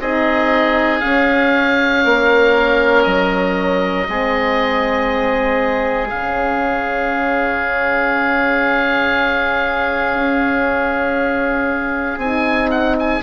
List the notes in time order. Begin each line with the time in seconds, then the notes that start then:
0.00 C4 D#4 G#4 D#5
1.00 C#4 F5
2.04 A#3 A#4
3.03 F#3 D#5
4.07 G#3 C4 G#4
6.09 C#3 C#4 F5
10.14 C#4
12.18 C4 D#4 G#5
12.70 F#5
13.00 G#5